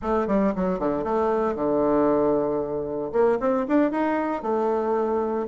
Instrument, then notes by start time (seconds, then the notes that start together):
bassoon
0.02 A3
0.27 G3
0.55 F#3
0.79 D3
1.03 A3
1.55 D3
3.12 A#3
3.40 C4
3.68 D4
3.91 D#4
4.42 A3